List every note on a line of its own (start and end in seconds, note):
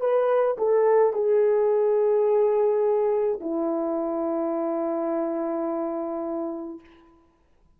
0.00 0.57 B4
0.57 1.13 A4
1.13 3.39 G#4
3.40 6.80 E4